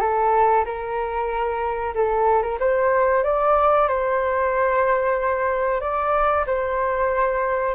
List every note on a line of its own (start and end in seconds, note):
0.00 0.65 A4
0.65 1.94 A#4
1.94 2.42 A4
2.42 2.58 A#4
2.60 3.23 C5
3.23 3.88 D5
3.88 5.81 C5
5.81 6.45 D5
6.46 7.75 C5